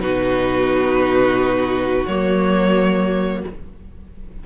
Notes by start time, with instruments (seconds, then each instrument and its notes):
0.00 cello B2, viola D#4, violin F#4 B4
2.06 cello F#3, viola A#3, violin C#5